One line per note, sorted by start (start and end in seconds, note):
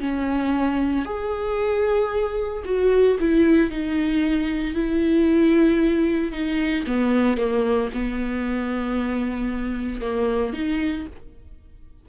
0.00 1.05 C#4
1.05 2.63 G#4
2.65 3.18 F#4
3.20 3.70 E4
3.70 4.75 D#4
4.75 6.32 E4
6.32 6.85 D#4
6.87 7.37 B3
7.37 7.90 A#3
7.94 10.01 B3
10.01 10.53 A#3
10.53 11.06 D#4